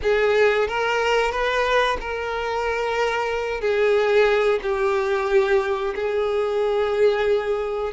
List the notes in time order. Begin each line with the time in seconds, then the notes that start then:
0.02 G#4
0.67 A#4
1.31 B4
2.00 A#4
3.60 G#4
4.62 G4
5.95 G#4